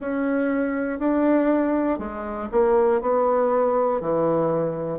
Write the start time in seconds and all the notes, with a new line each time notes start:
0.00 C#4
0.99 D4
1.98 G#3
2.51 A#3
3.00 B3
4.00 E3